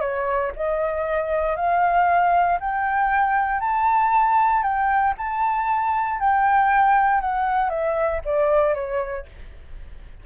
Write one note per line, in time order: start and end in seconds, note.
0.00 0.51 C#5
0.56 1.56 D#5
1.56 2.59 F5
2.60 3.60 G5
3.60 4.62 A5
4.62 5.14 G5
5.17 6.20 A5
6.20 7.21 G5
7.21 7.69 F#5
7.69 8.21 E5
8.25 8.74 D5
8.74 9.25 C#5